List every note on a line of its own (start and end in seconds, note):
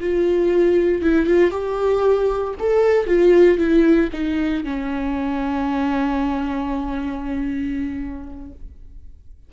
0.00 1.02 F4
1.02 1.27 E4
1.27 1.51 F4
1.51 2.54 G4
2.60 3.07 A4
3.07 3.58 F4
3.58 4.10 E4
4.13 4.64 D#4
4.64 8.52 C#4